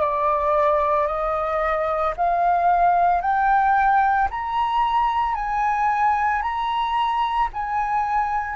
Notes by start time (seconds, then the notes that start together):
0.00 D5
1.07 D#5
2.17 F5
3.21 G5
4.31 A#5
5.35 G#5
6.42 A#5
7.53 G#5